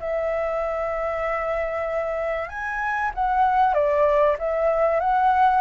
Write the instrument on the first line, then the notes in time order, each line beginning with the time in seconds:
flute
0.00 E5
2.49 G#5
3.14 F#5
3.74 D5
4.39 E5
5.00 F#5